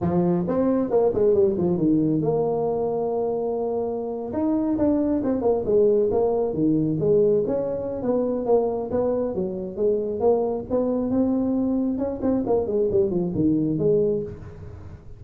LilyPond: \new Staff \with { instrumentName = "tuba" } { \time 4/4 \tempo 4 = 135 f4 c'4 ais8 gis8 g8 f8 | dis4 ais2.~ | ais4.~ ais16 dis'4 d'4 c'16~ | c'16 ais8 gis4 ais4 dis4 gis16~ |
gis8. cis'4~ cis'16 b4 ais4 | b4 fis4 gis4 ais4 | b4 c'2 cis'8 c'8 | ais8 gis8 g8 f8 dis4 gis4 | }